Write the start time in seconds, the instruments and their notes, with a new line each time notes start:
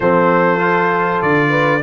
0.00 tuba F3, trombone C4, horn A4, trumpet C5
0.58 trombone F4
1.22 tuba D3, trumpet D5
1.49 horn B4